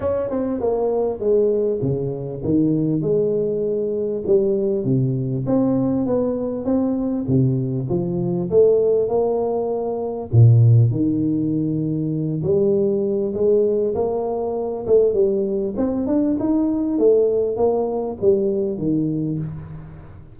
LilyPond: \new Staff \with { instrumentName = "tuba" } { \time 4/4 \tempo 4 = 99 cis'8 c'8 ais4 gis4 cis4 | dis4 gis2 g4 | c4 c'4 b4 c'4 | c4 f4 a4 ais4~ |
ais4 ais,4 dis2~ | dis8 g4. gis4 ais4~ | ais8 a8 g4 c'8 d'8 dis'4 | a4 ais4 g4 dis4 | }